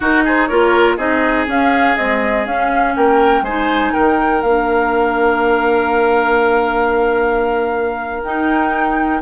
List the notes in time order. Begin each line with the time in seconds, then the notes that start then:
0.00 D#4 F#4 A#4
0.24 G#4 C5
0.46 A#3 F4 A#4 C#5
0.97 C4 D#4 G#4 D#5
1.47 C#4 F5
1.96 G#3 C4 D#5
2.45 C#4 F5
2.95 A#3 A#4 G5
3.41 G#3 D#4 C5 G#5
3.93 D#3 A#4 G5
4.41 A#3 D4 F5
8.23 D#4 G5